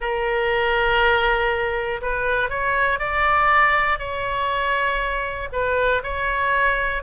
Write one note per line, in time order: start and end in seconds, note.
0.00 2.00 A#4
2.01 2.50 B4
2.50 2.99 C#5
2.99 3.99 D5
3.99 5.49 C#5
5.52 6.02 B4
6.03 7.03 C#5